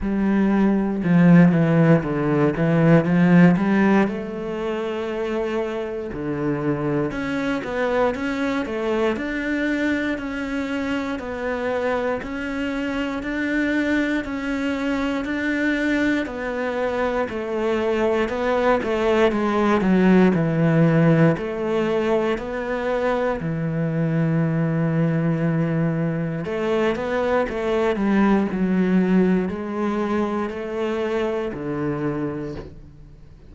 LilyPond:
\new Staff \with { instrumentName = "cello" } { \time 4/4 \tempo 4 = 59 g4 f8 e8 d8 e8 f8 g8 | a2 d4 cis'8 b8 | cis'8 a8 d'4 cis'4 b4 | cis'4 d'4 cis'4 d'4 |
b4 a4 b8 a8 gis8 fis8 | e4 a4 b4 e4~ | e2 a8 b8 a8 g8 | fis4 gis4 a4 d4 | }